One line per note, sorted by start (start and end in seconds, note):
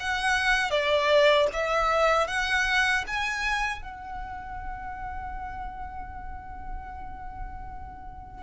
0.00 0.71 F#5
0.71 1.48 D5
1.53 2.28 E5
2.28 3.05 F#5
3.08 3.83 G#5
3.83 8.43 F#5